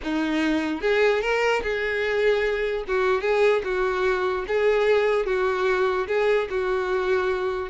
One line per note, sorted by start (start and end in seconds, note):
0.03 0.81 D#4
0.81 1.21 G#4
1.21 1.62 A#4
1.62 2.84 G#4
2.87 3.21 F#4
3.21 3.62 G#4
3.64 4.45 F#4
4.47 5.26 G#4
5.26 6.07 F#4
6.07 6.48 G#4
6.50 7.69 F#4